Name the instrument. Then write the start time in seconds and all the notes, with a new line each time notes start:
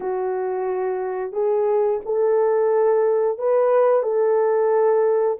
horn
0.00 F#4
1.32 G#4
2.05 A4
3.38 B4
4.02 A4